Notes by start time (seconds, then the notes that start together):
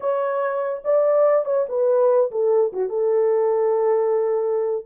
0.00 C#5
0.84 D5
1.45 C#5
1.68 B4
2.31 A4
2.72 F#4
2.89 A4